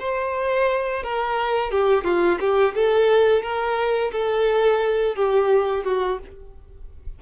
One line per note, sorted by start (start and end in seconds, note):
0.00 1.03 C5
1.03 1.71 A#4
1.71 2.04 G4
2.04 2.39 F4
2.40 2.75 G4
2.75 3.43 A4
3.43 4.12 A#4
4.12 5.16 A4
5.16 5.84 G4
5.84 6.19 F#4